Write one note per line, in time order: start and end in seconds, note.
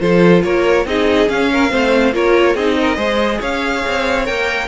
0.00 0.43 F3
0.00 0.86 F4
0.00 0.44 A4
0.00 0.43 C5
0.44 0.85 A#3
0.44 0.87 A#4
0.44 0.86 C#5
0.85 1.28 C4
0.85 1.28 D#4
0.85 1.52 G#4
0.85 1.29 D#5
1.28 1.70 C#4
1.28 1.71 C#4
1.28 2.14 F5
1.52 1.71 A#4
1.70 2.14 A3
1.70 2.12 C4
1.70 2.14 C5
2.13 2.55 A#3
2.13 2.56 F4
2.13 2.55 A#4
2.13 2.56 C#5
2.55 2.97 C4
2.55 2.96 D#4
2.55 2.76 G#4
2.55 3.41 D#5
2.81 2.96 A#4
2.96 3.40 G#3
2.96 4.24 G#4
2.96 3.39 C5
3.40 3.83 C#4
3.40 4.68 C#5
3.40 4.26 F5
3.87 4.29 C4
4.25 4.68 A#3
4.25 4.68 A#4
4.25 4.68 G5